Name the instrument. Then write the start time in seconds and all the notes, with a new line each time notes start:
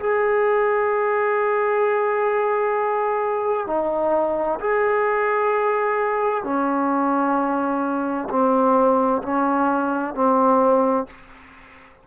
trombone
0.00 G#4
3.67 D#4
4.60 G#4
6.44 C#4
8.30 C4
9.23 C#4
10.15 C4